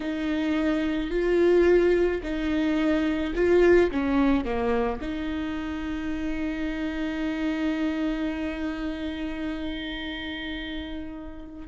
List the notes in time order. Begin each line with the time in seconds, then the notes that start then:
0.00 D#4
1.10 F4
2.22 D#4
3.35 F4
3.91 C#4
4.44 A#3
5.01 D#4